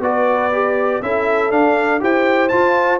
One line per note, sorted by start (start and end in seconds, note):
0.00 1.00 B3
0.00 0.52 F#4
0.00 1.03 B4
0.00 1.02 D5
0.52 1.02 G4
1.02 1.51 C#4
1.02 1.51 E4
1.02 2.02 A4
1.02 1.51 E5
1.51 2.00 D4
1.51 2.01 D4
1.51 2.01 F5
2.00 2.53 E4
2.00 2.50 G4
2.00 3.00 C5
2.00 2.49 G5
2.49 3.00 F4
2.49 2.99 A5